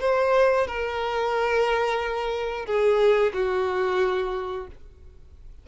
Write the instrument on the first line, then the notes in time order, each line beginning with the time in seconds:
violin
0.00 C5
0.67 A#4
2.65 G#4
3.33 F#4